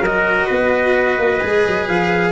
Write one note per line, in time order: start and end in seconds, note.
0.00 0.46 F#3
0.00 1.41 F#4
0.00 0.46 A#4
0.00 1.88 D#5
0.46 1.18 B3
0.46 2.31 B4
1.18 1.41 A#3
1.41 1.67 G#3
1.41 2.32 G#4
1.67 1.88 F#3
1.88 2.32 F3
1.88 2.32 F5